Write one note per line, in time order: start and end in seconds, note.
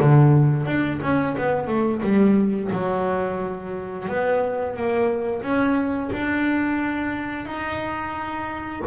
0.00 0.66 D3
0.66 1.00 D4
1.02 1.36 C#4
1.38 1.67 B3
1.67 2.01 A3
2.03 2.71 G3
2.72 4.08 F#3
4.08 4.76 B3
4.76 5.42 A#3
5.42 6.10 C#4
6.12 7.46 D4
7.46 8.82 D#4